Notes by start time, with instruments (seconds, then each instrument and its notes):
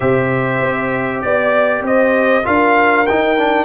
0.00 tuba C3, trombone G4, horn C5, trumpet E5
0.62 tuba C4
1.21 tuba B3, trumpet D5, horn D5
1.81 tuba C4, horn C5, trumpet D#5
2.43 tuba D4, trombone F4, horn A#4, trumpet F5
3.06 trombone D#4, tuba D#4, trumpet G5
3.37 trombone D4